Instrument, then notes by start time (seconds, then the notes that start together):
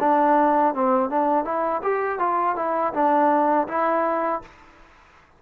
trombone
0.00 D4
0.74 C4
1.10 D4
1.44 E4
1.82 G4
2.19 F4
2.56 E4
2.94 D4
3.68 E4